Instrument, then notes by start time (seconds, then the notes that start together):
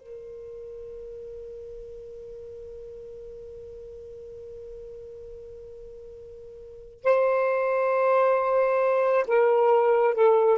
saxophone
0.00 A#4
7.05 C5
9.28 A#4
10.15 A4